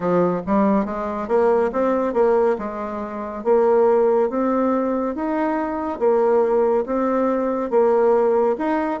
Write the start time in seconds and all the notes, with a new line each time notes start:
0.00 F3
0.46 G3
0.85 G#3
1.28 A#3
1.72 C4
2.13 A#3
2.58 G#3
3.44 A#3
4.29 C4
5.15 D#4
5.99 A#3
6.86 C4
7.70 A#3
8.58 D#4